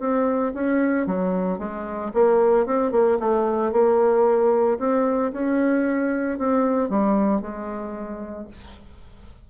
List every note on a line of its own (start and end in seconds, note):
0.00 0.53 C4
0.54 1.07 C#4
1.07 1.59 F#3
1.59 2.12 G#3
2.14 2.66 A#3
2.66 2.92 C4
2.92 3.18 A#3
3.20 3.72 A3
3.72 4.79 A#3
4.79 5.32 C4
5.33 6.39 C#4
6.39 6.90 C4
6.90 7.41 G3
7.41 8.48 G#3